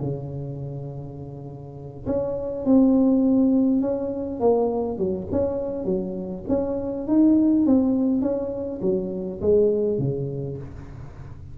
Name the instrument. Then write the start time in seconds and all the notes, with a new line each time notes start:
tuba
0.00 C#3
2.06 C#4
2.65 C4
3.81 C#4
4.40 A#3
4.98 F#3
5.32 C#4
5.84 F#3
6.48 C#4
7.07 D#4
7.66 C4
8.22 C#4
8.81 F#3
9.41 G#3
9.98 C#3